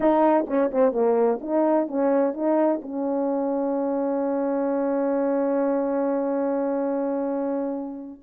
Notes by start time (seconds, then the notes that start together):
0.00 D#4
0.47 C#4
0.71 C4
0.92 A#3
1.41 D#4
1.87 C#4
2.33 D#4
2.81 C#4